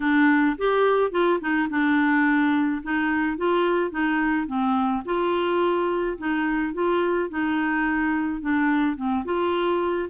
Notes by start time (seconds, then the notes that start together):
0.00 D4
0.58 G4
1.11 F4
1.40 D#4
1.69 D4
2.82 D#4
3.37 F4
3.90 D#4
4.46 C4
5.05 F4
6.17 D#4
6.73 F4
7.29 D#4
8.41 D4
8.96 C4
9.24 F4